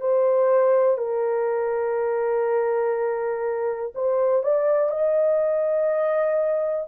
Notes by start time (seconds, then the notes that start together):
0.00 C5
0.97 A#4
3.94 C5
4.43 D5
4.90 D#5